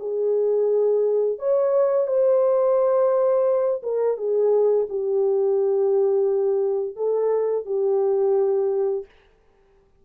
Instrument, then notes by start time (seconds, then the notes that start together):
horn
0.00 G#4
1.39 C#5
2.07 C5
3.83 A#4
4.17 G#4
4.89 G4
6.96 A4
7.66 G4